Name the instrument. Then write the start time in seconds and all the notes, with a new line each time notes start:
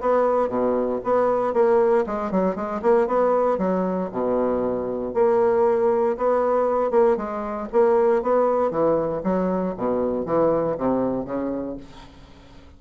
bassoon
0.00 B3
0.48 B2
1.04 B3
1.54 A#3
2.06 G#3
2.31 F#3
2.55 G#3
2.82 A#3
3.07 B3
3.58 F#3
4.11 B2
5.14 A#3
6.17 B3
6.91 A#3
7.17 G#3
7.72 A#3
8.22 B3
8.70 E3
9.23 F#3
9.77 B2
10.25 E3
10.77 C3
11.25 C#3